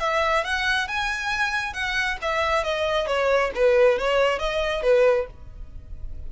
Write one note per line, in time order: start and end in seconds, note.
0.00 0.44 E5
0.44 0.88 F#5
0.88 1.73 G#5
1.73 2.18 F#5
2.22 2.64 E5
2.64 3.07 D#5
3.07 3.51 C#5
3.55 3.98 B4
3.98 4.39 C#5
4.39 4.82 D#5
4.82 5.27 B4